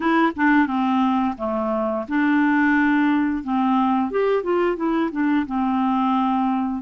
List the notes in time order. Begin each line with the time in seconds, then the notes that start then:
0.00 E4
0.36 D4
0.67 C4
1.37 A3
2.08 D4
3.43 C4
4.11 G4
4.43 F4
4.76 E4
5.11 D4
5.46 C4